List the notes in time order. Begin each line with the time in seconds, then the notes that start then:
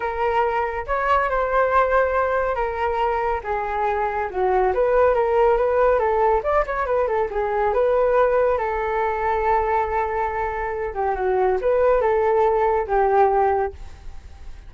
0.00 A#4
0.86 C#5
1.29 C5
2.55 A#4
3.43 G#4
4.30 F#4
4.74 B4
5.14 A#4
5.57 B4
5.99 A4
6.43 D5
6.66 C#5
6.86 B4
7.07 A4
7.31 G#4
7.73 B4
8.57 A4
10.94 G4
11.15 F#4
11.61 B4
12.01 A4
12.87 G4